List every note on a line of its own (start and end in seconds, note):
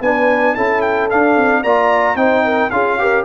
0.00 0.54 B3
0.00 0.56 D4
0.00 0.55 B4
0.00 0.55 G#5
0.55 1.11 C#4
0.55 1.10 E4
0.55 1.62 A4
0.55 0.81 A5
0.81 1.08 G5
1.10 1.64 D4
1.10 1.36 D4
1.10 1.63 F5
1.36 1.63 C4
1.62 2.15 A#3
1.62 2.16 F4
1.62 2.16 D5
1.62 2.16 A#5
2.15 2.69 C4
2.15 2.70 D#4
2.15 2.44 C5
2.15 2.70 G5
2.45 2.72 A#4
2.70 3.24 C#4
2.70 2.98 F4
2.70 2.99 G#4
2.70 3.24 F5
2.98 3.24 G4
2.98 3.24 A#4